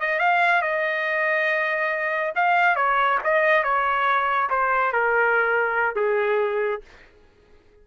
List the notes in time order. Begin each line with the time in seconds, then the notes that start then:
0.00 D#5
0.19 F5
0.62 D#5
2.35 F5
2.76 C#5
3.24 D#5
3.63 C#5
4.50 C5
4.92 A#4
5.96 G#4